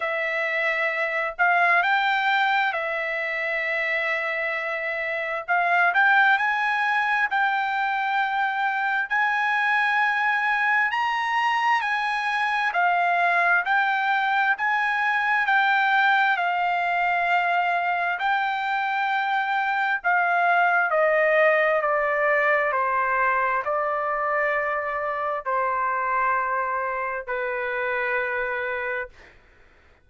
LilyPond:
\new Staff \with { instrumentName = "trumpet" } { \time 4/4 \tempo 4 = 66 e''4. f''8 g''4 e''4~ | e''2 f''8 g''8 gis''4 | g''2 gis''2 | ais''4 gis''4 f''4 g''4 |
gis''4 g''4 f''2 | g''2 f''4 dis''4 | d''4 c''4 d''2 | c''2 b'2 | }